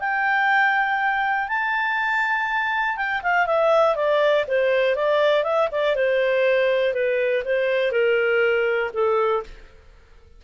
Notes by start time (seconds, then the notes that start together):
0.00 G5
1.48 A5
2.97 G5
3.23 F5
3.46 E5
3.96 D5
4.47 C5
4.95 D5
5.43 E5
5.71 D5
5.95 C5
6.94 B4
7.44 C5
7.91 A#4
8.94 A4